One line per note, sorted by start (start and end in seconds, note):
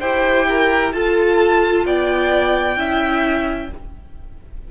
0.00 0.93 E4
0.00 0.93 G4
0.00 0.46 C5
0.00 0.93 G5
0.49 0.94 A#4
0.93 2.77 F4
0.93 1.85 F4
0.93 1.86 A4
0.93 1.85 A5
1.85 2.77 B3
1.85 2.78 D5
1.85 3.71 G5
2.77 3.69 C#4
2.77 3.69 E4
2.77 3.71 E5